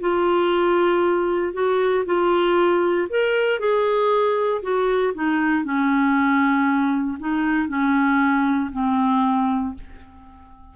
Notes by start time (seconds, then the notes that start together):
0.00 F4
1.53 F#4
2.05 F4
3.10 A#4
3.59 G#4
4.62 F#4
5.14 D#4
5.64 C#4
7.19 D#4
7.68 C#4
8.72 C4